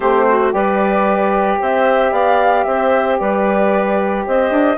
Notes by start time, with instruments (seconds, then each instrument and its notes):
0.00 bassoon A3, saxophone C4, clarinet G4, flute C5
0.28 clarinet F#4
0.50 bassoon G3, saxophone G4, clarinet B4, flute D5
1.59 bassoon C4, clarinet C5, flute E5
2.11 bassoon B3, clarinet D5, flute F5
2.63 bassoon C4, clarinet C5, flute E5
3.18 bassoon G3, clarinet B4, flute D5
4.25 bassoon C4, clarinet C5, flute D#5
4.50 bassoon D4